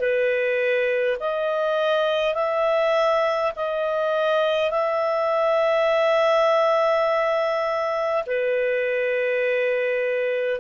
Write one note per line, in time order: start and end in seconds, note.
0.00 1.18 B4
1.20 2.35 D#5
2.35 3.52 E5
3.57 4.71 D#5
4.71 8.24 E5
8.27 10.60 B4